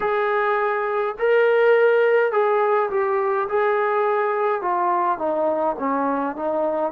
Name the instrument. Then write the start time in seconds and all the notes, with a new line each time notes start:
trombone
0.00 G#4
1.19 A#4
2.31 G#4
2.90 G4
3.48 G#4
4.62 F4
5.18 D#4
5.78 C#4
6.36 D#4